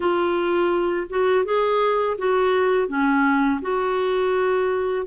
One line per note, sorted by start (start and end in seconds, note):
0.00 1.06 F4
1.09 1.44 F#4
1.44 2.17 G#4
2.18 2.88 F#4
2.88 3.60 C#4
3.61 5.06 F#4